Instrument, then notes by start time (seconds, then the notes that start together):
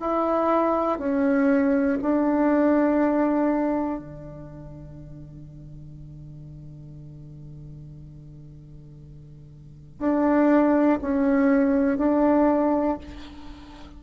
bassoon
0.00 E4
0.99 C#4
2.02 D4
4.00 D3
9.99 D4
11.01 C#4
11.98 D4